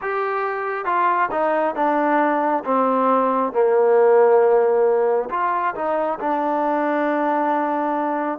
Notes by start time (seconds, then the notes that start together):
0.01 G4
0.85 F4
1.31 D#4
1.75 D4
2.64 C4
3.52 A#3
5.30 F4
5.74 D#4
6.19 D4